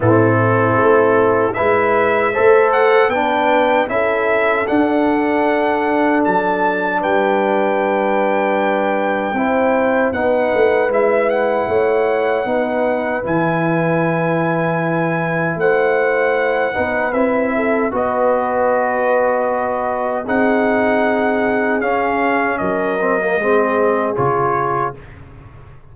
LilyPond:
<<
  \new Staff \with { instrumentName = "trumpet" } { \time 4/4 \tempo 4 = 77 a'2 e''4. fis''8 | g''4 e''4 fis''2 | a''4 g''2.~ | g''4 fis''4 e''8 fis''4.~ |
fis''4 gis''2. | fis''2 e''4 dis''4~ | dis''2 fis''2 | f''4 dis''2 cis''4 | }
  \new Staff \with { instrumentName = "horn" } { \time 4/4 e'2 b'4 c''4 | b'4 a'2.~ | a'4 b'2. | c''4 b'2 cis''4 |
b'1 | c''4. b'4 a'8 b'4~ | b'2 gis'2~ | gis'4 ais'4 gis'2 | }
  \new Staff \with { instrumentName = "trombone" } { \time 4/4 c'2 e'4 a'4 | d'4 e'4 d'2~ | d'1 | e'4 dis'4 e'2 |
dis'4 e'2.~ | e'4. dis'8 e'4 fis'4~ | fis'2 dis'2 | cis'4. c'16 ais16 c'4 f'4 | }
  \new Staff \with { instrumentName = "tuba" } { \time 4/4 a,4 a4 gis4 a4 | b4 cis'4 d'2 | fis4 g2. | c'4 b8 a8 gis4 a4 |
b4 e2. | a4. b8 c'4 b4~ | b2 c'2 | cis'4 fis4 gis4 cis4 | }
>>